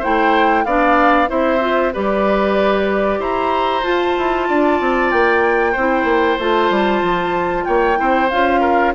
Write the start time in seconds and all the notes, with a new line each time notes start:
0.00 A3 E4 C5 G5
0.65 B3 D4 D5 F5
1.28 C4 E4 C5 E5
1.60 F4
1.93 G3 G4 B4 D5
3.19 E4 C5 A#5
3.83 F4 A5
4.18 E4
4.49 D4 D5
4.81 C4
5.11 A#3 G5
5.72 C4 C5
5.78 E4
6.04 A#3
6.39 A3 F4 A5
6.70 G3
7.02 F3
7.65 A#3 C#5 G5
7.96 C4 E4 C5
8.30 C#4 F4 F5
8.61 A#4